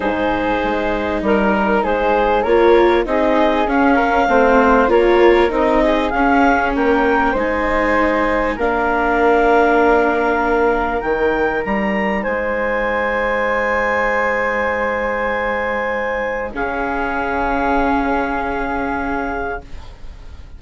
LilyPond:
<<
  \new Staff \with { instrumentName = "clarinet" } { \time 4/4 \tempo 4 = 98 c''2 ais'4 c''4 | cis''4 dis''4 f''2 | cis''4 dis''4 f''4 g''4 | gis''2 f''2~ |
f''2 g''4 ais''4 | gis''1~ | gis''2. f''4~ | f''1 | }
  \new Staff \with { instrumentName = "flute" } { \time 4/4 gis'2 ais'4 gis'4 | ais'4 gis'4. ais'8 c''4 | ais'4. gis'4. ais'4 | c''2 ais'2~ |
ais'1 | c''1~ | c''2. gis'4~ | gis'1 | }
  \new Staff \with { instrumentName = "viola" } { \time 4/4 dis'1 | f'4 dis'4 cis'4 c'4 | f'4 dis'4 cis'2 | dis'2 d'2~ |
d'2 dis'2~ | dis'1~ | dis'2. cis'4~ | cis'1 | }
  \new Staff \with { instrumentName = "bassoon" } { \time 4/4 gis,4 gis4 g4 gis4 | ais4 c'4 cis'4 a4 | ais4 c'4 cis'4 ais4 | gis2 ais2~ |
ais2 dis4 g4 | gis1~ | gis2. cis4~ | cis1 | }
>>